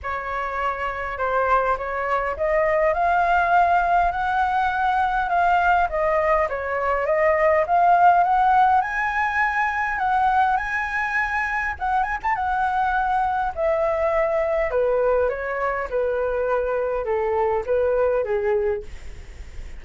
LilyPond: \new Staff \with { instrumentName = "flute" } { \time 4/4 \tempo 4 = 102 cis''2 c''4 cis''4 | dis''4 f''2 fis''4~ | fis''4 f''4 dis''4 cis''4 | dis''4 f''4 fis''4 gis''4~ |
gis''4 fis''4 gis''2 | fis''8 gis''16 a''16 fis''2 e''4~ | e''4 b'4 cis''4 b'4~ | b'4 a'4 b'4 gis'4 | }